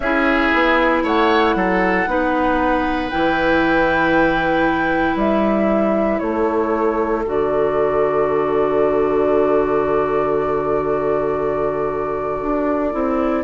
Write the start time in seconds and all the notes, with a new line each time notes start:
0.00 C#4 E4 G#4 E5
0.53 B3
1.03 A3 C#5 F#5
1.55 F#3 A4
2.06 B3 D#4 B4
3.09 E3 E4 G5
5.15 G3 E5
6.19 A3 A4 C#5
7.25 D3 F#4 D5
12.41 D4
12.92 C4 E4